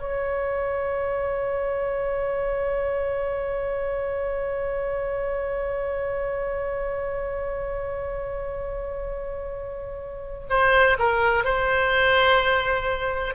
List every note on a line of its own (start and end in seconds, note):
0.00 10.48 C#5
10.50 10.97 C5
10.99 11.45 A#4
11.45 13.35 C5